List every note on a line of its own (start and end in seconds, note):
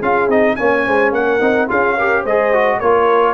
0.00 0.28 C#4
0.00 0.30 F4
0.00 0.56 G#4
0.00 0.30 F5
0.28 0.56 C4
0.28 0.58 D#4
0.28 0.56 D#5
0.56 0.88 A#3
0.56 1.41 C#4
0.56 0.86 C#5
0.56 1.12 G#5
0.86 1.12 G#3
0.86 1.14 C5
1.12 1.40 A#3
1.12 1.70 A#4
1.12 1.70 F#5
1.41 1.69 C4
1.41 1.68 D#4
1.68 2.25 C#4
1.68 1.96 F4
1.68 1.98 G#4
1.68 2.26 F5
1.98 2.27 G4
1.98 2.23 A#4
2.23 2.81 G#3
2.23 2.78 C5
2.23 2.80 D#5
2.30 2.54 G#4
2.54 2.82 F#4
2.79 3.35 A#3
2.79 3.35 F4
2.79 3.34 A#4
2.79 3.35 C#5